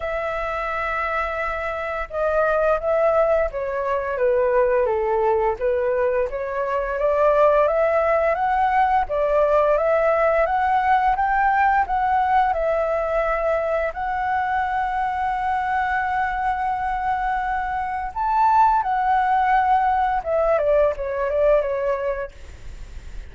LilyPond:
\new Staff \with { instrumentName = "flute" } { \time 4/4 \tempo 4 = 86 e''2. dis''4 | e''4 cis''4 b'4 a'4 | b'4 cis''4 d''4 e''4 | fis''4 d''4 e''4 fis''4 |
g''4 fis''4 e''2 | fis''1~ | fis''2 a''4 fis''4~ | fis''4 e''8 d''8 cis''8 d''8 cis''4 | }